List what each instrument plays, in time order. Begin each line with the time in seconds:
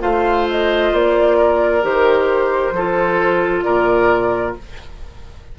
0.00 bassoon A3, clarinet F4, oboe C5, flute F5
0.50 flute D#5
0.93 bassoon A#3, flute D5
1.38 oboe A#4
1.82 bassoon D#3, clarinet G4, flute C5
2.72 bassoon F3, clarinet F4, oboe A4
3.62 bassoon A#2, oboe A#4, flute D5